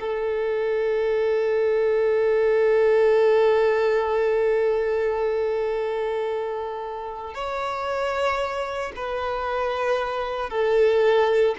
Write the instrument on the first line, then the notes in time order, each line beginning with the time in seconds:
violin
0.00 A4
7.34 C#5
8.96 B4
10.50 A4